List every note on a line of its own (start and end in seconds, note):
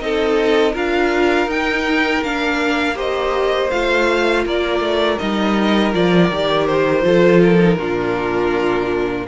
0.00 0.75 C4
0.00 0.74 D#4
0.00 0.73 A4
0.00 0.74 D#5
0.73 1.47 D4
0.73 1.49 F4
0.73 2.95 A#4
0.73 1.50 F5
1.47 2.21 D#4
1.47 2.23 D#4
1.47 2.23 G5
2.23 3.71 A#3
2.23 2.95 D4
2.23 2.98 F5
2.95 3.69 G4
2.95 4.44 C5
2.95 3.71 D#5
3.71 4.46 A3
3.71 5.19 F4
3.71 4.45 F5
4.46 4.80 A#3
4.46 7.05 A#4
4.46 5.19 D5
4.80 5.17 A3
5.19 5.94 G3
5.19 5.93 D#4
5.19 5.93 D#5
5.93 6.30 F3
5.93 6.30 F4
5.93 6.67 D5
6.30 7.04 D#3
6.30 7.02 G4
6.67 7.41 C5
7.02 7.78 F3
7.02 7.57 F4
7.02 7.79 A4
7.42 9.27 A#4
7.60 7.78 D#4
7.79 9.27 A#2
7.79 9.27 D4
7.79 9.27 F4